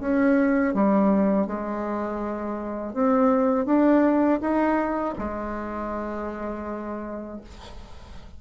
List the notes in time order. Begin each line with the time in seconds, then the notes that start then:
0.00 C#4
0.74 G3
1.46 G#3
2.94 C4
3.66 D4
4.41 D#4
5.19 G#3